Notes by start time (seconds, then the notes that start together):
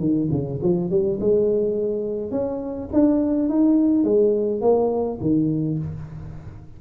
0.00 D#3
0.32 C#3
0.63 F3
0.91 G3
1.21 G#3
2.32 C#4
2.93 D4
3.50 D#4
4.04 G#3
4.62 A#3
5.21 D#3